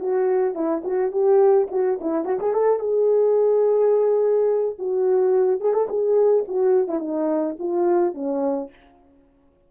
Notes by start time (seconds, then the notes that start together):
0.00 F#4
0.55 E4
0.85 F#4
1.12 G4
1.72 F#4
2.01 E4
2.25 F#4
2.40 G#4
2.54 A4
2.80 G#4
4.79 F#4
5.61 G#4
5.74 A4
5.89 G#4
6.48 F#4
6.88 E4
7.00 D#4
7.60 F4
8.14 C#4